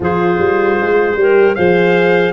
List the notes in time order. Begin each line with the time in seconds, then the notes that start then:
0.00 F3 F4 G#4 C5
0.38 G3
0.80 G#3
1.15 G3 G4 A#4
1.55 F3 G#4 C5 F5